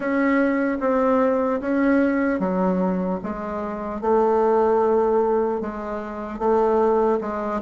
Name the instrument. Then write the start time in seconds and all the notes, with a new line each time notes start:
bassoon
0.00 C#4
0.80 C4
1.60 C#4
2.39 F#3
3.23 G#3
4.01 A3
5.60 G#3
6.38 A3
7.20 G#3